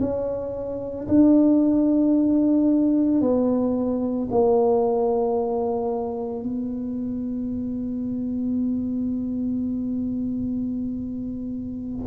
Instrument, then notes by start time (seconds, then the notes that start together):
tuba
0.00 C#4
1.08 D4
3.21 B3
4.31 A#3
6.43 B3